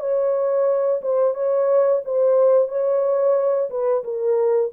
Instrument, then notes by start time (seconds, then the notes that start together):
horn
0.00 C#5
1.02 C5
1.35 C#5
2.05 C5
2.68 C#5
3.70 B4
4.04 A#4